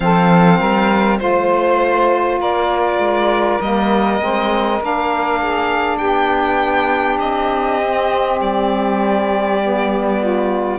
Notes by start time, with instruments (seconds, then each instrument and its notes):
0.00 cello F3, saxophone C4 A4, violin F5
0.58 cello G3, saxophone A#4
1.19 cello A3, saxophone F4 C5, violin C5
2.39 cello A#3, saxophone A#4, violin D5
2.98 cello G#3
3.61 cello G3, saxophone A#3, violin D#5
4.20 cello G#3, saxophone C4
4.80 cello A#3, saxophone D4, violin F5
5.41 saxophone G#4
5.97 cello B3, saxophone G4, violin G5
7.19 cello C4, violin D#5
7.81 saxophone C4
8.40 cello G3, violin D5
9.61 saxophone B3
10.19 saxophone F4